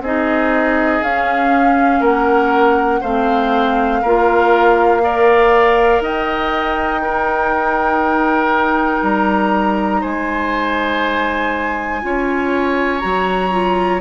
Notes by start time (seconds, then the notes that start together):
0.00 C4 D#4 G#4 D#5
1.02 C#4 F5
2.00 A#3 A#4 F#5
3.00 A3 C4 C5 F5
4.01 A#3 F4 A#4
5.01 A#4 D5
6.00 D#4 D#5 G5
7.01 D#4 A#4
9.03 G3 A#5
10.01 G#3 C5 G#5
12.02 C#4 F4 C#5
12.99 F#3 F#4 A#5
13.50 F4